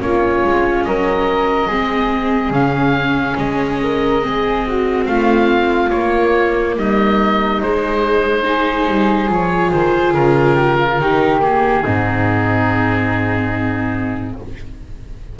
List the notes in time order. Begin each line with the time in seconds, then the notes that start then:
0.00 A#3 C#4 F4 C#5
0.43 G#3
0.84 F#3 A#4 D#5
1.67 G#3 C4 G#4
2.51 C#3 C#4 F5
3.37 G#3 D#5
3.83 A#4
4.22 C4 G#4
4.67 F#4
5.05 A3 F4 F5
5.90 A#3 C#5
6.76 G3 D#4 D#5
7.62 G#3 C5
8.43 D#4 G#4
8.88 G3
9.28 F3 F4 C#5
9.71 D#3 C5
10.14 C#3 A#4
10.55 G4
10.79 F4
10.99 D#3 D#4 G4
11.40 A#3 G#4
11.83 G#2 C4 D#4